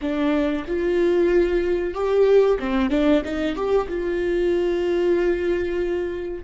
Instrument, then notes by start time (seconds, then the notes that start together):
viola
0.01 D4
0.67 F4
1.94 G4
2.59 C4
2.90 D4
3.24 D#4
3.55 G4
3.88 F4